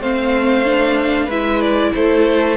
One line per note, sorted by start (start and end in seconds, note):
0.00 1.28 A3
0.00 0.65 C4
0.00 1.26 C5
0.00 1.30 F5
0.65 1.30 D4
1.26 1.92 G#3
1.26 2.58 E4
1.26 1.90 B4
1.26 1.61 E5
1.61 1.93 D5
1.95 2.58 A3
1.95 2.58 A4
1.95 2.58 C5